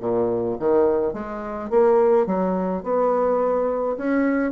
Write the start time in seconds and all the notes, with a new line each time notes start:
0.00 A#2
0.59 D#3
1.13 G#3
1.70 A#3
2.26 F#3
2.83 B3
3.97 C#4